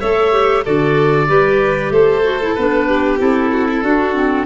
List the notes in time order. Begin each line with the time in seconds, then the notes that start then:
0.00 A3 A4 C#5 E5
0.32 G4
0.64 D3 F#4 A4 D5
1.27 G3 G4 B4
1.90 A3 A4 C5
2.23 F#4
2.42 E4
2.55 B3 D4 B4
2.87 G4
3.19 C4 E4 A4
3.52 F#4
3.69 E4
3.83 D4 F#4
4.14 C4